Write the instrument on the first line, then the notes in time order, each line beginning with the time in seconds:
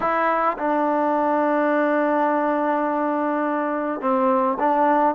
trombone
0.00 E4
0.58 D4
4.00 C4
4.59 D4